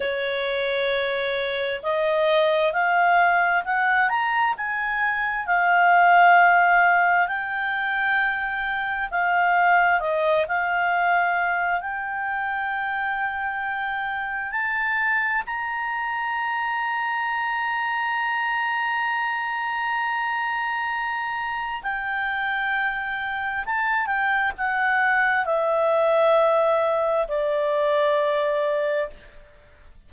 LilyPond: \new Staff \with { instrumentName = "clarinet" } { \time 4/4 \tempo 4 = 66 cis''2 dis''4 f''4 | fis''8 ais''8 gis''4 f''2 | g''2 f''4 dis''8 f''8~ | f''4 g''2. |
a''4 ais''2.~ | ais''1 | g''2 a''8 g''8 fis''4 | e''2 d''2 | }